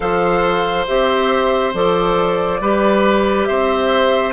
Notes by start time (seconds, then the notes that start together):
0.00 F3 A4 C5 F5
0.87 C4 G4 E5
1.73 F3 A4 D5
2.60 G3 G4 B4
3.45 C4 C5 E5